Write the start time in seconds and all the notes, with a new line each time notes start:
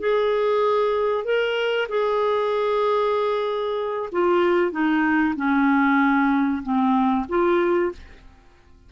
0.00 G#4
1.25 A#4
1.89 G#4
4.12 F4
4.72 D#4
5.37 C#4
6.63 C4
7.29 F4